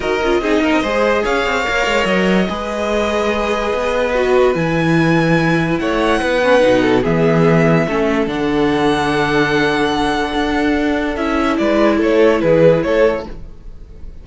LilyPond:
<<
  \new Staff \with { instrumentName = "violin" } { \time 4/4 \tempo 4 = 145 dis''2. f''4~ | f''4 dis''2.~ | dis''2. gis''4~ | gis''2 fis''2~ |
fis''4 e''2. | fis''1~ | fis''2. e''4 | d''4 cis''4 b'4 cis''4 | }
  \new Staff \with { instrumentName = "violin" } { \time 4/4 ais'4 gis'8 ais'8 c''4 cis''4~ | cis''2 b'2~ | b'1~ | b'2 cis''4 b'4~ |
b'8 a'8 gis'2 a'4~ | a'1~ | a'1 | b'4 a'4 gis'4 a'4 | }
  \new Staff \with { instrumentName = "viola" } { \time 4/4 fis'8 f'8 dis'4 gis'2 | ais'2 gis'2~ | gis'2 fis'4 e'4~ | e'2.~ e'8 cis'8 |
dis'4 b2 cis'4 | d'1~ | d'2. e'4~ | e'1 | }
  \new Staff \with { instrumentName = "cello" } { \time 4/4 dis'8 cis'8 c'8 ais16 c'16 gis4 cis'8 c'8 | ais8 gis8 fis4 gis2~ | gis4 b2 e4~ | e2 a4 b4 |
b,4 e2 a4 | d1~ | d4 d'2 cis'4 | gis4 a4 e4 a4 | }
>>